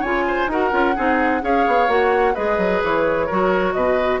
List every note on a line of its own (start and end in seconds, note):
0.00 0.47 C#3
0.00 0.50 F4
0.00 0.23 C#5
0.00 0.49 G#5
0.27 0.50 C5
0.47 0.70 D#4
0.47 0.71 F#4
0.47 0.95 A#4
0.47 1.44 F#5
0.71 0.95 C#4
0.71 0.94 F4
0.95 1.42 C4
0.95 1.41 D#4
0.95 1.42 G#4
1.41 1.65 C#4
1.41 1.87 G#4
1.41 2.33 C#5
1.41 1.90 F5
1.67 1.88 B3
1.87 2.34 A#3
1.87 2.34 F#4
1.87 2.34 F#5
2.33 2.57 G#3
2.33 3.28 G#4
2.33 3.26 B4
2.33 2.81 D#5
2.57 2.81 F#3
2.82 3.29 E3
2.82 3.73 C#5
3.26 3.74 F#3
3.26 4.20 F#4
3.26 3.73 A#4
3.73 4.20 B2
3.73 4.20 B4
3.73 4.19 D#5